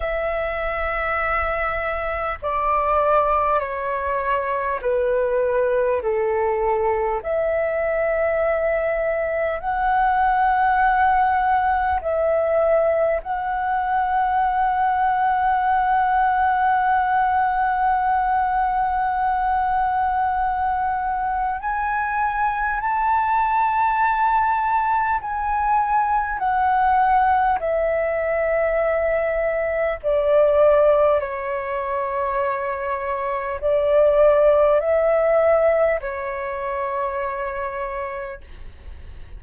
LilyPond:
\new Staff \with { instrumentName = "flute" } { \time 4/4 \tempo 4 = 50 e''2 d''4 cis''4 | b'4 a'4 e''2 | fis''2 e''4 fis''4~ | fis''1~ |
fis''2 gis''4 a''4~ | a''4 gis''4 fis''4 e''4~ | e''4 d''4 cis''2 | d''4 e''4 cis''2 | }